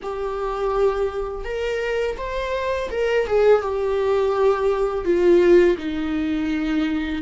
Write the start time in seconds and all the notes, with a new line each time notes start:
0.02 G4
1.44 A#4
2.17 C5
2.90 A#4
3.26 G#4
3.61 G4
5.04 F4
5.77 D#4